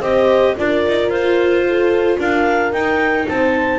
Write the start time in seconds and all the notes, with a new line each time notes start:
0.00 C4 G4 C5 D#5
0.57 D4 F4 A#4 D5
0.88 D#4
1.08 F4 C5
1.67 A4
2.18 D4 A#4 F5
2.72 D#4 G5
3.28 C4 C5 A5